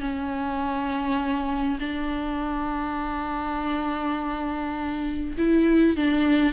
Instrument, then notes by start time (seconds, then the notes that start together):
viola
0.00 C#4
1.79 D4
5.37 E4
5.96 D4